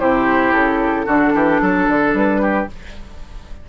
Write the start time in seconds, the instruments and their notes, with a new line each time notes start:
0.00 bassoon C3, clarinet E4, oboe G4, flute C5
0.53 bassoon C#3, flute A4
1.06 bassoon D3, clarinet D4, oboe F#4
1.34 bassoon E3, oboe G4
1.62 bassoon F#3, oboe A4
1.88 bassoon D3
2.14 bassoon G3, flute B4
2.42 oboe G4